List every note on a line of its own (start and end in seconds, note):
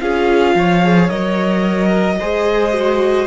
0.00 0.55 C#4
0.00 0.82 F4
0.00 0.56 G#4
0.00 1.09 F5
0.55 1.09 F3
0.55 1.88 C#5
0.82 1.09 G#4
1.09 2.19 F#3
1.09 2.18 A#4
1.09 3.27 D#5
1.88 2.15 A#4
2.19 3.27 G#3
2.19 2.72 G#4
2.19 3.27 C5
2.72 3.27 F#4